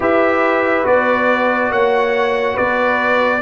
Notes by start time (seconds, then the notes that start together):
0.00 E4 G4 B4 E5
0.83 B3 F#4 D5
1.70 A#3 C#5 F#5
2.54 B3 B4 D5